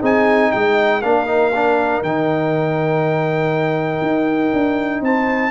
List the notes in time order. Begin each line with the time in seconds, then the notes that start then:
0.00 C4 D#4 G#4 G#5
0.51 G#3 D#5 G5
1.01 A#3 D4 A#4 F5
1.26 D#4
1.54 D4
2.02 D#3 D#4 G5
4.01 D#4
4.53 D4
5.01 C4 C5 A5